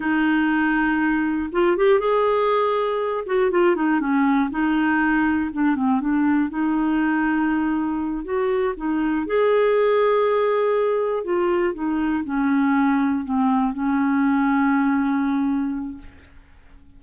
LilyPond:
\new Staff \with { instrumentName = "clarinet" } { \time 4/4 \tempo 4 = 120 dis'2. f'8 g'8 | gis'2~ gis'8 fis'8 f'8 dis'8 | cis'4 dis'2 d'8 c'8 | d'4 dis'2.~ |
dis'8 fis'4 dis'4 gis'4.~ | gis'2~ gis'8 f'4 dis'8~ | dis'8 cis'2 c'4 cis'8~ | cis'1 | }